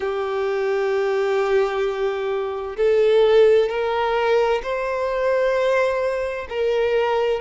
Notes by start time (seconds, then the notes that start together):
0.00 G4
2.77 A4
3.69 A#4
4.62 C5
6.49 A#4